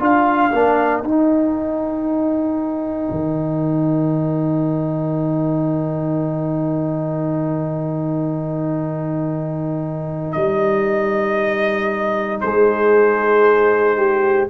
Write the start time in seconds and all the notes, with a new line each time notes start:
0.00 D4 F4 A#4 F5
0.52 A#3 D4
1.02 D#4 G5
3.11 D#3
10.32 G3 D#5
12.41 G#3 G#4 C5
13.97 G4